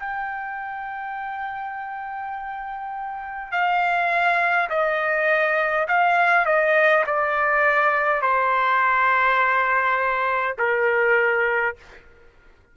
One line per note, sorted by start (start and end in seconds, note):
0.00 3.52 G5
3.52 4.70 F5
4.70 5.88 D#5
5.88 6.46 F5
6.46 7.05 D#5
7.06 8.22 D5
8.22 10.57 C5
10.58 11.76 A#4